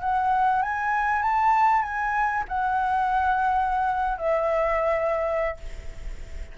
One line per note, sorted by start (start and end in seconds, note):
0.00 0.62 F#5
0.62 1.22 G#5
1.22 1.82 A5
1.82 2.44 G#5
2.48 4.18 F#5
4.18 5.57 E5